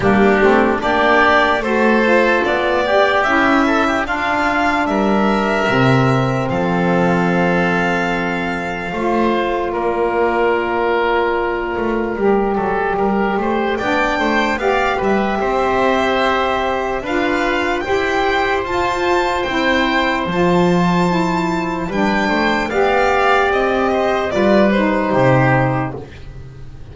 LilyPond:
<<
  \new Staff \with { instrumentName = "violin" } { \time 4/4 \tempo 4 = 74 g'4 d''4 c''4 d''4 | e''4 f''4 e''2 | f''1 | d''1~ |
d''4 g''4 f''8 e''4.~ | e''4 f''4 g''4 a''4 | g''4 a''2 g''4 | f''4 dis''4 d''8 c''4. | }
  \new Staff \with { instrumentName = "oboe" } { \time 4/4 d'4 g'4 a'4. g'8~ | g'8 a'16 g'16 f'4 ais'2 | a'2. c''4 | ais'2.~ ais'8 a'8 |
ais'8 c''8 d''8 c''8 d''8 b'8 c''4~ | c''4 b'4 c''2~ | c''2. b'8 c''8 | d''4. c''8 b'4 g'4 | }
  \new Staff \with { instrumentName = "saxophone" } { \time 4/4 ais8 c'8 d'4 fis'8 f'4 g'8 | e'4 d'2 c'4~ | c'2. f'4~ | f'2. g'4~ |
g'4 d'4 g'2~ | g'4 f'4 g'4 f'4 | e'4 f'4 e'4 d'4 | g'2 f'8 dis'4. | }
  \new Staff \with { instrumentName = "double bass" } { \time 4/4 g8 a8 ais4 a4 b4 | cis'4 d'4 g4 c4 | f2. a4 | ais2~ ais8 a8 g8 fis8 |
g8 a8 b8 a8 b8 g8 c'4~ | c'4 d'4 e'4 f'4 | c'4 f2 g8 a8 | b4 c'4 g4 c4 | }
>>